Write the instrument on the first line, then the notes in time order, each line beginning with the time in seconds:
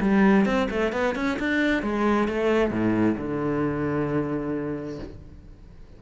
cello
0.00 G3
0.45 C4
0.70 A3
0.92 B3
1.15 C#4
1.39 D4
1.82 G#3
2.27 A3
2.70 A2
3.17 D3